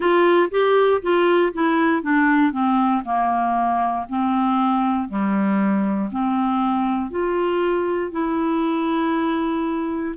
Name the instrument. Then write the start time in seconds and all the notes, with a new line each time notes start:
clarinet
0.00 F4
0.50 G4
1.02 F4
1.53 E4
2.02 D4
2.51 C4
3.04 A#3
4.09 C4
5.08 G3
6.11 C4
7.10 F4
8.11 E4